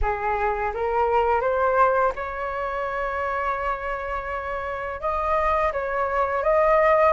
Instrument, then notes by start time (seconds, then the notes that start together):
flute
0.01 G#4
0.74 A#4
1.41 C5
2.15 C#5
5.00 D#5
5.72 C#5
6.43 D#5